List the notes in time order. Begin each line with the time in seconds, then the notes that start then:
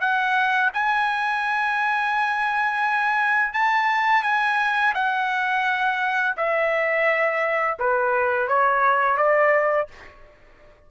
0.00 F#5
0.73 G#5
3.53 A5
4.23 G#5
4.94 F#5
6.37 E5
7.79 B4
8.48 C#5
9.17 D5